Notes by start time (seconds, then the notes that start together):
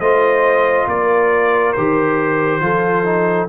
0.00 A3 F4 C5 D#5
0.87 A#3 A#4 D5
1.73 D#3 G4 C5
2.61 F3 F4 A4
3.05 D#4